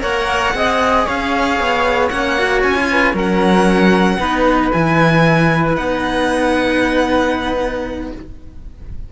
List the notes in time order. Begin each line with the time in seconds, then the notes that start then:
0.00 A#3 A#4 C#5 F#5
0.53 C4 G#4 D#5
1.05 C#4 C#5 F5
1.59 B3
2.08 A#3 C#4 F#5
2.37 F#4
2.62 C#4 G#5
2.74 F4
2.90 B4
3.13 F#3 C#4 A#4 F#5
4.18 B3 D#4 B4
4.72 E3 E4 G#5
5.76 B3 D#4 F#5